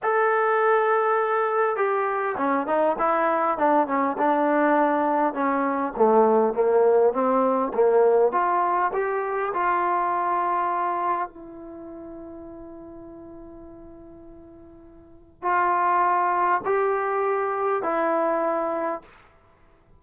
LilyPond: \new Staff \with { instrumentName = "trombone" } { \time 4/4 \tempo 4 = 101 a'2. g'4 | cis'8 dis'8 e'4 d'8 cis'8 d'4~ | d'4 cis'4 a4 ais4 | c'4 ais4 f'4 g'4 |
f'2. e'4~ | e'1~ | e'2 f'2 | g'2 e'2 | }